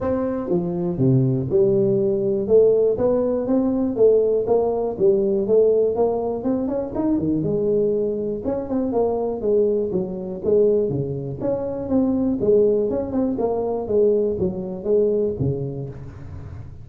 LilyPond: \new Staff \with { instrumentName = "tuba" } { \time 4/4 \tempo 4 = 121 c'4 f4 c4 g4~ | g4 a4 b4 c'4 | a4 ais4 g4 a4 | ais4 c'8 cis'8 dis'8 dis8 gis4~ |
gis4 cis'8 c'8 ais4 gis4 | fis4 gis4 cis4 cis'4 | c'4 gis4 cis'8 c'8 ais4 | gis4 fis4 gis4 cis4 | }